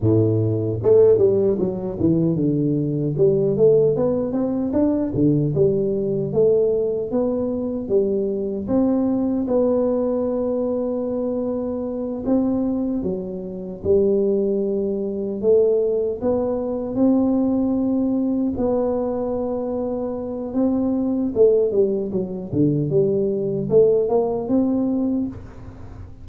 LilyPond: \new Staff \with { instrumentName = "tuba" } { \time 4/4 \tempo 4 = 76 a,4 a8 g8 fis8 e8 d4 | g8 a8 b8 c'8 d'8 d8 g4 | a4 b4 g4 c'4 | b2.~ b8 c'8~ |
c'8 fis4 g2 a8~ | a8 b4 c'2 b8~ | b2 c'4 a8 g8 | fis8 d8 g4 a8 ais8 c'4 | }